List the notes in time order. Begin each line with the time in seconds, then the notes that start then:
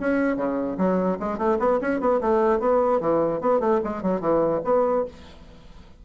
0.00 C#4
0.36 C#3
0.77 F#3
1.20 G#3
1.38 A3
1.59 B3
1.81 C#4
2.00 B3
2.21 A3
2.60 B3
3.00 E3
3.41 B3
3.60 A3
3.84 G#3
4.02 F#3
4.21 E3
4.64 B3